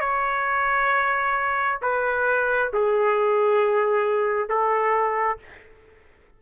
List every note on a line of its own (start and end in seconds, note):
0.00 1.79 C#5
1.82 2.71 B4
2.73 4.49 G#4
4.49 5.38 A4